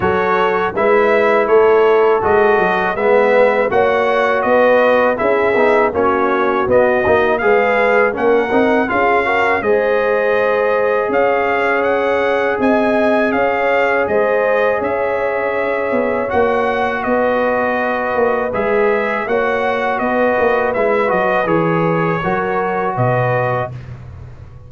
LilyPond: <<
  \new Staff \with { instrumentName = "trumpet" } { \time 4/4 \tempo 4 = 81 cis''4 e''4 cis''4 dis''4 | e''4 fis''4 dis''4 e''4 | cis''4 dis''4 f''4 fis''4 | f''4 dis''2 f''4 |
fis''4 gis''4 f''4 dis''4 | e''2 fis''4 dis''4~ | dis''4 e''4 fis''4 dis''4 | e''8 dis''8 cis''2 dis''4 | }
  \new Staff \with { instrumentName = "horn" } { \time 4/4 a'4 b'4 a'2 | b'4 cis''4 b'4 gis'4 | fis'2 b'4 ais'4 | gis'8 ais'8 c''2 cis''4~ |
cis''4 dis''4 cis''4 c''4 | cis''2. b'4~ | b'2 cis''4 b'4~ | b'2 ais'4 b'4 | }
  \new Staff \with { instrumentName = "trombone" } { \time 4/4 fis'4 e'2 fis'4 | b4 fis'2 e'8 dis'8 | cis'4 b8 dis'8 gis'4 cis'8 dis'8 | f'8 fis'8 gis'2.~ |
gis'1~ | gis'2 fis'2~ | fis'4 gis'4 fis'2 | e'8 fis'8 gis'4 fis'2 | }
  \new Staff \with { instrumentName = "tuba" } { \time 4/4 fis4 gis4 a4 gis8 fis8 | gis4 ais4 b4 cis'8 b8 | ais4 b8 ais8 gis4 ais8 c'8 | cis'4 gis2 cis'4~ |
cis'4 c'4 cis'4 gis4 | cis'4. b8 ais4 b4~ | b8 ais8 gis4 ais4 b8 ais8 | gis8 fis8 e4 fis4 b,4 | }
>>